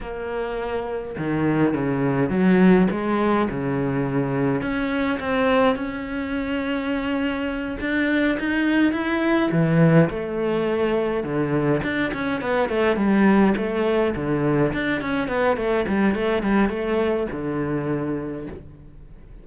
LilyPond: \new Staff \with { instrumentName = "cello" } { \time 4/4 \tempo 4 = 104 ais2 dis4 cis4 | fis4 gis4 cis2 | cis'4 c'4 cis'2~ | cis'4. d'4 dis'4 e'8~ |
e'8 e4 a2 d8~ | d8 d'8 cis'8 b8 a8 g4 a8~ | a8 d4 d'8 cis'8 b8 a8 g8 | a8 g8 a4 d2 | }